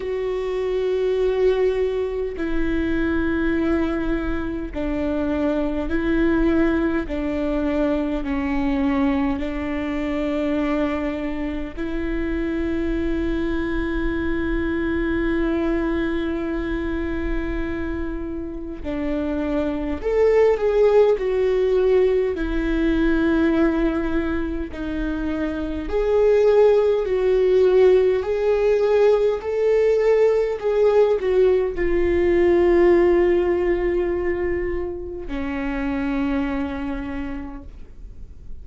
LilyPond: \new Staff \with { instrumentName = "viola" } { \time 4/4 \tempo 4 = 51 fis'2 e'2 | d'4 e'4 d'4 cis'4 | d'2 e'2~ | e'1 |
d'4 a'8 gis'8 fis'4 e'4~ | e'4 dis'4 gis'4 fis'4 | gis'4 a'4 gis'8 fis'8 f'4~ | f'2 cis'2 | }